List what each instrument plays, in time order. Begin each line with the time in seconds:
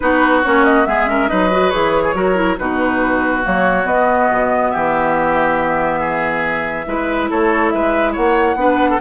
0.00 bassoon B3, clarinet D#4, oboe F#4, flute B4
0.43 bassoon A#3, clarinet C#4, flute C#5
0.64 flute D#5
0.85 bassoon G#3, clarinet B3, oboe G#4, flute E5
1.06 clarinet C#4, oboe A#4
1.28 bassoon F#3, clarinet D#4, oboe B4, flute D#5
1.50 clarinet F#4
1.70 bassoon E3, clarinet G#4, flute C#5
2.03 oboe G#4
2.14 bassoon F#3, clarinet F#4, oboe A#4
2.34 clarinet E4
2.57 bassoon B2, clarinet D#4, oboe F#4, flute B4
3.42 bassoon F#3, clarinet A#3, flute C#5
3.83 clarinet B3, bassoon B3, flute D#5
4.31 bassoon B2
4.70 bassoon E3, oboe G4, flute E5
5.99 oboe G#4
6.86 bassoon G#3, clarinet E4, oboe B4
7.30 bassoon A3, oboe A4, flute C#5
7.69 bassoon G#3, oboe B4, flute E5
8.12 bassoon A#3, oboe C#5, flute F#5
8.55 bassoon B3, clarinet D4, oboe B4
8.89 oboe A4